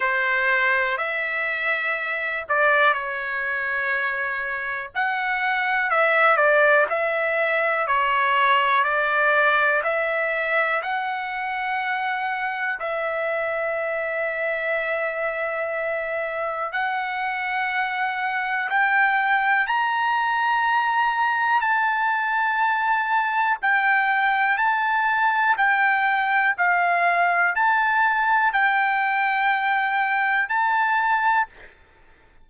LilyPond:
\new Staff \with { instrumentName = "trumpet" } { \time 4/4 \tempo 4 = 61 c''4 e''4. d''8 cis''4~ | cis''4 fis''4 e''8 d''8 e''4 | cis''4 d''4 e''4 fis''4~ | fis''4 e''2.~ |
e''4 fis''2 g''4 | ais''2 a''2 | g''4 a''4 g''4 f''4 | a''4 g''2 a''4 | }